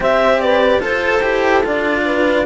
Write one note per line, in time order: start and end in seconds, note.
0.00 0.79 C4
0.00 0.80 G4
0.00 0.41 C5
0.00 0.40 E5
0.40 0.80 B4
0.40 0.81 D5
0.79 1.20 F4
0.79 2.03 A4
0.79 1.21 A4
0.79 1.65 C5
1.21 1.63 E4
1.21 1.62 G4
1.63 2.46 D4
1.63 2.45 F4
1.63 2.46 D5
2.05 2.46 B4